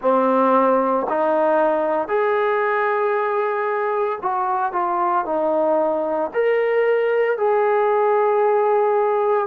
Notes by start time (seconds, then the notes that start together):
0.01 C4
1.09 D#4
2.08 G#4
4.22 F#4
4.72 F4
5.25 D#4
6.33 A#4
7.37 G#4